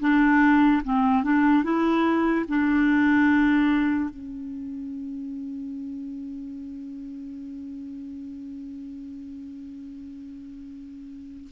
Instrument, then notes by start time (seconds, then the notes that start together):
clarinet
0.00 D4
0.84 C4
1.24 D4
1.64 E4
2.48 D4
4.10 C#4